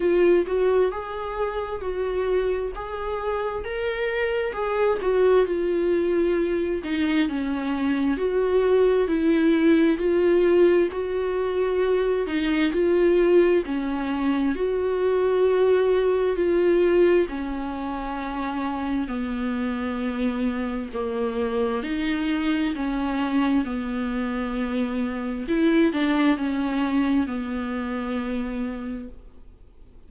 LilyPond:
\new Staff \with { instrumentName = "viola" } { \time 4/4 \tempo 4 = 66 f'8 fis'8 gis'4 fis'4 gis'4 | ais'4 gis'8 fis'8 f'4. dis'8 | cis'4 fis'4 e'4 f'4 | fis'4. dis'8 f'4 cis'4 |
fis'2 f'4 cis'4~ | cis'4 b2 ais4 | dis'4 cis'4 b2 | e'8 d'8 cis'4 b2 | }